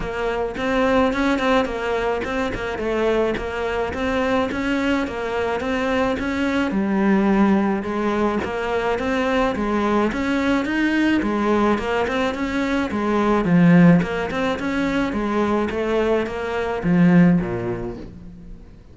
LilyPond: \new Staff \with { instrumentName = "cello" } { \time 4/4 \tempo 4 = 107 ais4 c'4 cis'8 c'8 ais4 | c'8 ais8 a4 ais4 c'4 | cis'4 ais4 c'4 cis'4 | g2 gis4 ais4 |
c'4 gis4 cis'4 dis'4 | gis4 ais8 c'8 cis'4 gis4 | f4 ais8 c'8 cis'4 gis4 | a4 ais4 f4 ais,4 | }